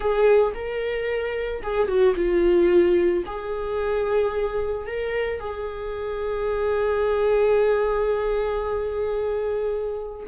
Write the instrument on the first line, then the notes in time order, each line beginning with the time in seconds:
viola
0.00 G#4
0.54 A#4
1.62 G#4
1.87 F#4
2.15 F4
3.26 G#4
4.86 A#4
5.40 G#4